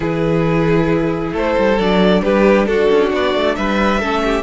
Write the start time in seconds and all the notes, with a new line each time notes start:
0.00 E3 E4 G#4 B4
1.32 A3 A4 C5
1.58 G3
1.77 F#3 D4 D5
2.22 G3 G4 B4
2.66 D4 F#4 A4
2.90 C#4
3.13 B3 D5
3.34 A3
3.55 G3 B4 E5
3.99 A3 C#4 A4
4.24 G4